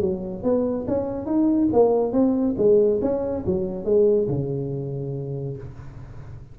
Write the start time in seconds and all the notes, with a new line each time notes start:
0.00 F#3
0.43 B3
0.87 C#4
1.26 D#4
1.72 A#3
2.12 C4
2.57 G#3
3.01 C#4
3.46 F#3
3.84 G#3
4.28 C#3